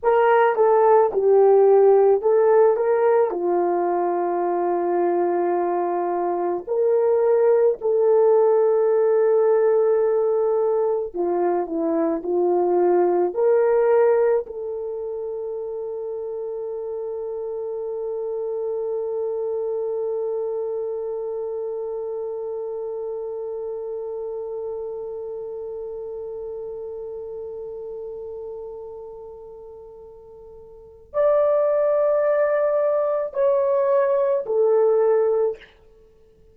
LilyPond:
\new Staff \with { instrumentName = "horn" } { \time 4/4 \tempo 4 = 54 ais'8 a'8 g'4 a'8 ais'8 f'4~ | f'2 ais'4 a'4~ | a'2 f'8 e'8 f'4 | ais'4 a'2.~ |
a'1~ | a'1~ | a'1 | d''2 cis''4 a'4 | }